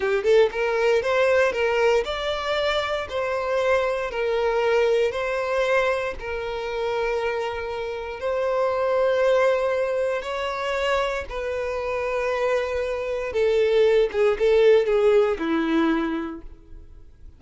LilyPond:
\new Staff \with { instrumentName = "violin" } { \time 4/4 \tempo 4 = 117 g'8 a'8 ais'4 c''4 ais'4 | d''2 c''2 | ais'2 c''2 | ais'1 |
c''1 | cis''2 b'2~ | b'2 a'4. gis'8 | a'4 gis'4 e'2 | }